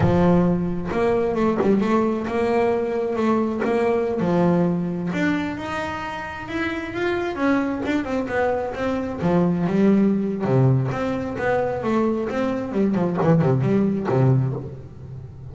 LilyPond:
\new Staff \with { instrumentName = "double bass" } { \time 4/4 \tempo 4 = 132 f2 ais4 a8 g8 | a4 ais2 a4 | ais4~ ais16 f2 d'8.~ | d'16 dis'2 e'4 f'8.~ |
f'16 cis'4 d'8 c'8 b4 c'8.~ | c'16 f4 g4.~ g16 c4 | c'4 b4 a4 c'4 | g8 f8 e8 c8 g4 c4 | }